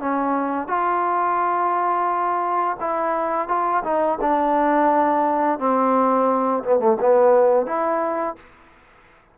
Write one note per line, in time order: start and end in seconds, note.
0.00 0.68 C#4
0.68 2.77 F4
2.80 3.49 E4
3.49 3.83 F4
3.84 4.19 D#4
4.21 5.59 D4
5.59 6.64 C4
6.64 6.80 B3
6.80 6.97 A3
7.01 7.66 B3
7.66 8.36 E4